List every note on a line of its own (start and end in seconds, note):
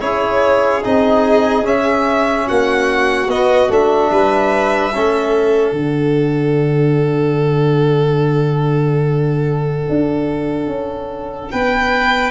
0.00 0.83 C#4
0.00 0.82 E4
0.00 2.46 G#4
0.00 0.83 C#5
0.83 1.64 C4
0.83 1.63 D#4
0.83 1.66 D#5
1.63 3.27 C#4
1.63 2.46 C#4
1.63 2.48 E5
2.46 3.27 A#3
2.46 4.10 F#4
2.46 3.30 F#5
3.27 3.68 B3
3.27 3.71 D#5
3.68 4.10 A3
3.68 4.92 D4
3.68 5.72 E5
4.10 4.92 G3
4.10 4.94 B4
4.94 5.72 A3
4.94 5.76 C#4
4.94 11.51 A4
5.72 9.83 D3
5.72 12.30 D4
5.72 11.48 F#5
9.89 10.66 D4
10.66 11.49 C#4
11.51 12.30 B3
11.51 12.30 B4
11.51 12.30 G5